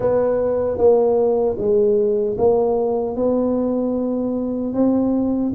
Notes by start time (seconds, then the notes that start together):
0.00 B3
0.77 A#3
1.58 G#3
2.38 A#3
3.16 B3
4.73 C4